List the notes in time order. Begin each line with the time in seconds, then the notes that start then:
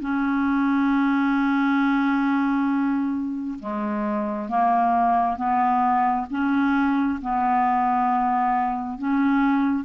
0.00 C#4
3.59 G#3
4.48 A#3
5.36 B3
6.30 C#4
7.21 B3
8.98 C#4